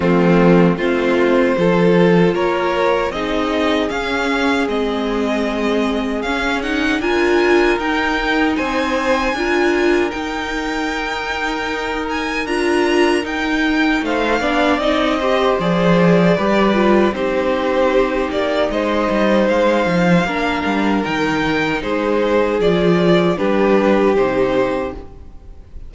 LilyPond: <<
  \new Staff \with { instrumentName = "violin" } { \time 4/4 \tempo 4 = 77 f'4 c''2 cis''4 | dis''4 f''4 dis''2 | f''8 fis''8 gis''4 g''4 gis''4~ | gis''4 g''2~ g''8 gis''8 |
ais''4 g''4 f''4 dis''4 | d''2 c''4. d''8 | dis''4 f''2 g''4 | c''4 d''4 b'4 c''4 | }
  \new Staff \with { instrumentName = "violin" } { \time 4/4 c'4 f'4 a'4 ais'4 | gis'1~ | gis'4 ais'2 c''4 | ais'1~ |
ais'2 c''8 d''4 c''8~ | c''4 b'4 g'2 | c''2 ais'2 | gis'2 g'2 | }
  \new Staff \with { instrumentName = "viola" } { \time 4/4 a4 c'4 f'2 | dis'4 cis'4 c'2 | cis'8 dis'8 f'4 dis'2 | f'4 dis'2. |
f'4 dis'4. d'8 dis'8 g'8 | gis'4 g'8 f'8 dis'2~ | dis'2 d'4 dis'4~ | dis'4 f'4 d'4 dis'4 | }
  \new Staff \with { instrumentName = "cello" } { \time 4/4 f4 a4 f4 ais4 | c'4 cis'4 gis2 | cis'4 d'4 dis'4 c'4 | d'4 dis'2. |
d'4 dis'4 a8 b8 c'4 | f4 g4 c'4. ais8 | gis8 g8 gis8 f8 ais8 g8 dis4 | gis4 f4 g4 c4 | }
>>